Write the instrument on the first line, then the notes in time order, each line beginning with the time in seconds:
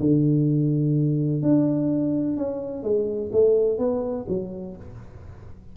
tuba
0.00 D3
1.42 D4
2.37 C#4
2.83 G#3
3.32 A3
3.78 B3
4.29 F#3